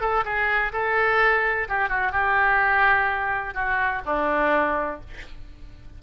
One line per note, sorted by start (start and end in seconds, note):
0.00 0.24 A4
0.24 0.72 G#4
0.72 1.68 A4
1.68 1.89 G4
1.89 2.12 F#4
2.12 3.54 G4
3.54 4.02 F#4
4.05 5.00 D4